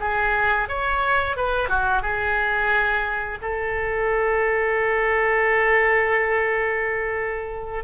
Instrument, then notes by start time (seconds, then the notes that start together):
oboe
0.00 G#4
0.68 C#5
1.36 B4
1.69 F#4
2.02 G#4
3.42 A4